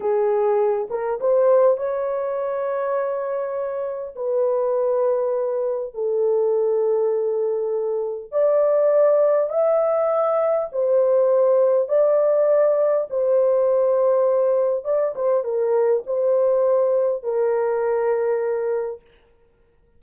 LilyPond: \new Staff \with { instrumentName = "horn" } { \time 4/4 \tempo 4 = 101 gis'4. ais'8 c''4 cis''4~ | cis''2. b'4~ | b'2 a'2~ | a'2 d''2 |
e''2 c''2 | d''2 c''2~ | c''4 d''8 c''8 ais'4 c''4~ | c''4 ais'2. | }